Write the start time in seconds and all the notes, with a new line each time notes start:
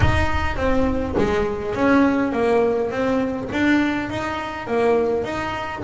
0.00 D#4
0.56 C4
1.17 G#3
1.74 C#4
2.32 A#3
2.90 C4
3.52 D4
4.09 D#4
4.67 A#3
5.24 D#4